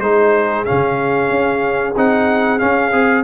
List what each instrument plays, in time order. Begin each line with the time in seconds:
0.00 tuba G#3, trombone D#4, horn G#4, trumpet C5
0.65 tuba C#3, trombone C#4, trumpet F5
1.30 tuba C#4
1.96 tuba C4, trombone D#4, trumpet F#5
2.59 trombone C#4, tuba C#4, trumpet F5
2.92 tuba C4, trombone G#4